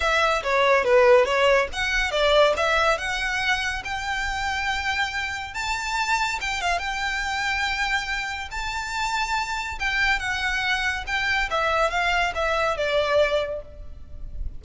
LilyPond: \new Staff \with { instrumentName = "violin" } { \time 4/4 \tempo 4 = 141 e''4 cis''4 b'4 cis''4 | fis''4 d''4 e''4 fis''4~ | fis''4 g''2.~ | g''4 a''2 g''8 f''8 |
g''1 | a''2. g''4 | fis''2 g''4 e''4 | f''4 e''4 d''2 | }